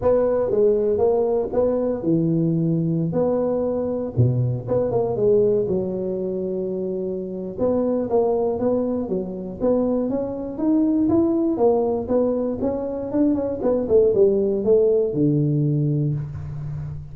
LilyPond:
\new Staff \with { instrumentName = "tuba" } { \time 4/4 \tempo 4 = 119 b4 gis4 ais4 b4 | e2~ e16 b4.~ b16~ | b16 b,4 b8 ais8 gis4 fis8.~ | fis2. b4 |
ais4 b4 fis4 b4 | cis'4 dis'4 e'4 ais4 | b4 cis'4 d'8 cis'8 b8 a8 | g4 a4 d2 | }